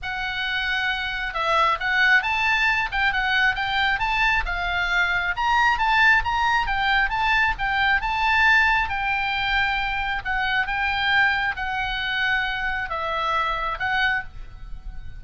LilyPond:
\new Staff \with { instrumentName = "oboe" } { \time 4/4 \tempo 4 = 135 fis''2. e''4 | fis''4 a''4. g''8 fis''4 | g''4 a''4 f''2 | ais''4 a''4 ais''4 g''4 |
a''4 g''4 a''2 | g''2. fis''4 | g''2 fis''2~ | fis''4 e''2 fis''4 | }